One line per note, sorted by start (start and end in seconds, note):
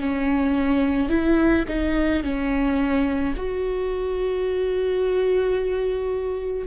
0.00 1.09 C#4
1.09 1.64 E4
1.68 2.23 D#4
2.23 3.34 C#4
3.36 6.67 F#4